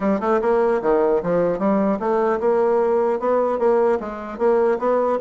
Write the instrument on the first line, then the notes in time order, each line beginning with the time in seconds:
bassoon
0.00 G3
0.20 A3
0.41 A#3
0.82 D#3
1.22 F3
1.59 G3
1.99 A3
2.40 A#3
3.19 B3
3.59 A#3
4.00 G#3
4.38 A#3
4.79 B3